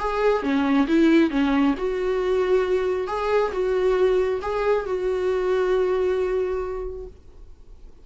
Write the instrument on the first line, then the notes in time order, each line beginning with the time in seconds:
viola
0.00 G#4
0.43 C#4
0.88 E4
1.31 C#4
1.78 F#4
3.08 G#4
3.53 F#4
4.42 G#4
4.86 F#4